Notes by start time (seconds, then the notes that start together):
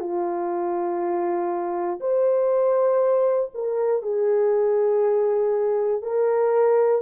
0.00 F4
2.00 C5
3.54 A#4
4.02 G#4
6.02 A#4